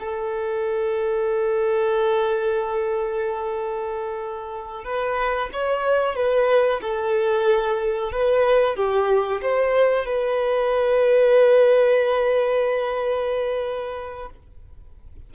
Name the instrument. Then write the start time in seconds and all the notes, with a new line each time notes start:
violin
0.00 A4
4.85 B4
5.53 C#5
6.16 B4
6.82 A4
8.12 B4
8.76 G4
9.42 C5
10.06 B4